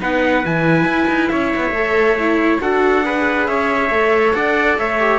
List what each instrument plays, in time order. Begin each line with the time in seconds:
0.00 cello B3, viola D#4, trumpet B4 F#5
0.44 cello E3, viola E4, trumpet G#5
0.84 cello E4
1.08 cello D#4
1.28 cello C#4, trumpet C#5 E5
1.55 cello B3
1.70 cello A3, viola A4
2.19 viola E4
2.61 cello D4, viola F#4, trumpet A4 F#5
3.03 viola G#4, trumpet B4
3.46 cello C#4, trumpet C#5 E5
3.89 cello A3, viola A4
4.34 cello D4, trumpet D5 F#5
4.78 cello A3, trumpet C#5 E5
5.00 viola G4